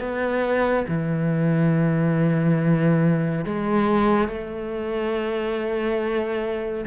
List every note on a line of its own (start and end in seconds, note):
0.00 0.86 B3
0.88 3.45 E3
3.45 4.28 G#3
4.28 6.85 A3